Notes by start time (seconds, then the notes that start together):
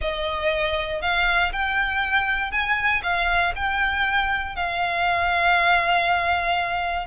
0.01 D#5
1.01 F5
1.52 G5
2.51 G#5
3.02 F5
3.55 G5
4.55 F5